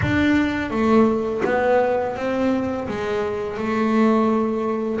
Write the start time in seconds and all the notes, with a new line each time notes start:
0.02 D4
0.70 A3
1.44 B3
2.16 C4
2.88 G#3
3.57 A3